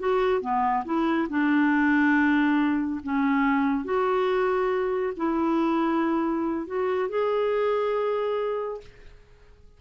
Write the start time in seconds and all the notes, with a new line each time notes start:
0.00 F#4
0.42 B3
0.85 E4
1.30 D4
3.04 C#4
3.85 F#4
5.17 E4
6.67 F#4
7.10 G#4